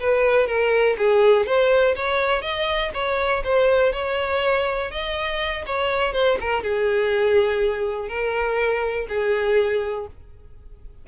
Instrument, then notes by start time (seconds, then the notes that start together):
violin
0.00 B4
0.47 A#4
0.98 G#4
1.46 C5
1.96 C#5
2.42 D#5
2.94 C#5
3.44 C5
3.93 C#5
4.91 D#5
5.66 C#5
6.13 C5
6.41 A#4
6.63 G#4
8.09 A#4
9.08 G#4